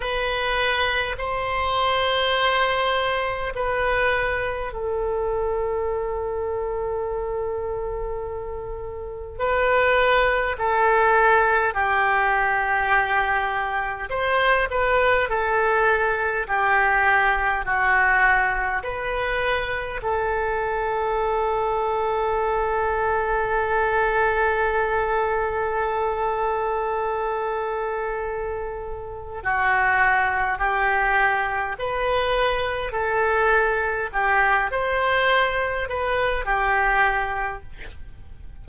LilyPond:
\new Staff \with { instrumentName = "oboe" } { \time 4/4 \tempo 4 = 51 b'4 c''2 b'4 | a'1 | b'4 a'4 g'2 | c''8 b'8 a'4 g'4 fis'4 |
b'4 a'2.~ | a'1~ | a'4 fis'4 g'4 b'4 | a'4 g'8 c''4 b'8 g'4 | }